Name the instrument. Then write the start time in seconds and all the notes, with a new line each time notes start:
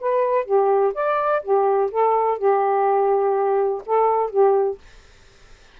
saxophone
0.00 B4
0.45 G4
0.94 D5
1.42 G4
1.91 A4
2.38 G4
3.86 A4
4.30 G4